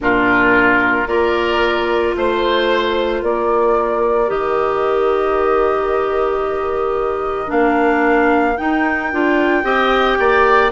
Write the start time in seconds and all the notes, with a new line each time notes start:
0.00 A#2 D4 F4 A#4
1.06 A#3 F4 A#4 D5
2.15 A3 C5
3.20 A#3 A#4 D5
4.27 D#3 G4 D#5
7.47 A#3 D4 F5
8.57 D#4 G5
9.12 D4 F4
9.63 C4 G4 D#5
10.19 A#3 D5